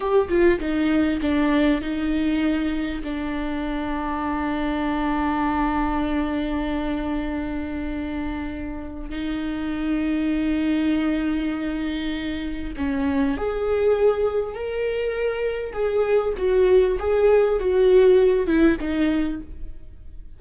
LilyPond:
\new Staff \with { instrumentName = "viola" } { \time 4/4 \tempo 4 = 99 g'8 f'8 dis'4 d'4 dis'4~ | dis'4 d'2.~ | d'1~ | d'2. dis'4~ |
dis'1~ | dis'4 cis'4 gis'2 | ais'2 gis'4 fis'4 | gis'4 fis'4. e'8 dis'4 | }